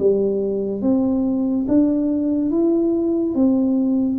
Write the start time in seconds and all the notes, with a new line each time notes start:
0.00 G3
0.82 C4
1.69 D4
2.52 E4
3.35 C4